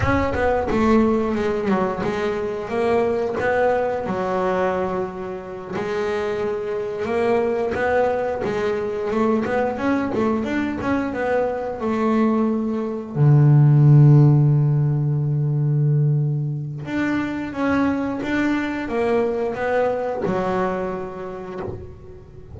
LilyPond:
\new Staff \with { instrumentName = "double bass" } { \time 4/4 \tempo 4 = 89 cis'8 b8 a4 gis8 fis8 gis4 | ais4 b4 fis2~ | fis8 gis2 ais4 b8~ | b8 gis4 a8 b8 cis'8 a8 d'8 |
cis'8 b4 a2 d8~ | d1~ | d4 d'4 cis'4 d'4 | ais4 b4 fis2 | }